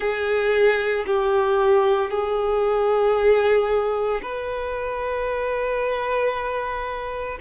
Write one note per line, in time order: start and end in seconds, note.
0.00 1.04 G#4
1.06 2.10 G4
2.10 4.21 G#4
4.22 7.38 B4